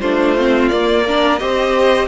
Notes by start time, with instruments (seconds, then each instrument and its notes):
0.00 cello A3, viola D4, violin F4 C5
0.37 viola C4
0.68 viola A#3, cello A#3, violin D5
1.04 viola D4, violin A#4
1.38 cello C4, viola G4, violin C5 D#5